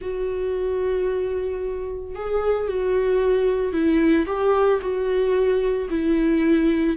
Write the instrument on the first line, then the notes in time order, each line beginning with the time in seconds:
viola
0.01 F#4
2.15 G#4
2.67 F#4
3.72 E4
4.26 G4
4.81 F#4
5.90 E4